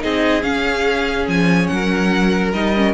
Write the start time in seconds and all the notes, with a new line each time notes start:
0.00 C4 D#4 G#4 D#5
0.42 C#4 F5
1.27 F3 G#5
1.67 F#3 A#4 F#5
2.53 G3 D#4 D#5
2.75 C#4